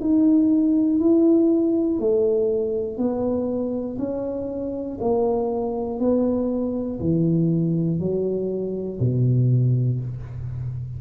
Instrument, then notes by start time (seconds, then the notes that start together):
tuba
0.00 D#4
0.99 E4
1.99 A3
2.97 B3
3.98 C#4
5.00 A#3
5.99 B3
7.00 E3
7.99 F#3
9.00 B2